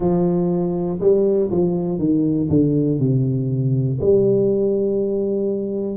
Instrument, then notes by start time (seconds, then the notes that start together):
tuba
0.00 F3
1.00 G3
1.50 F3
1.98 D#3
2.49 D3
2.99 C3
4.00 G3